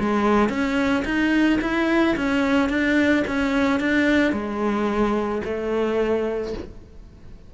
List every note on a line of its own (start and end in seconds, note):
0.00 0.50 G#3
0.50 1.04 C#4
1.05 1.60 D#4
1.62 2.16 E4
2.17 2.70 C#4
2.70 3.24 D4
3.28 3.80 C#4
3.80 4.33 D4
4.33 5.42 G#3
5.45 6.54 A3